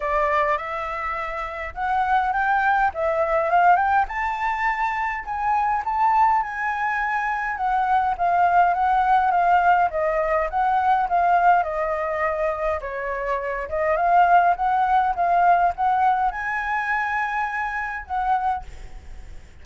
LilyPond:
\new Staff \with { instrumentName = "flute" } { \time 4/4 \tempo 4 = 103 d''4 e''2 fis''4 | g''4 e''4 f''8 g''8 a''4~ | a''4 gis''4 a''4 gis''4~ | gis''4 fis''4 f''4 fis''4 |
f''4 dis''4 fis''4 f''4 | dis''2 cis''4. dis''8 | f''4 fis''4 f''4 fis''4 | gis''2. fis''4 | }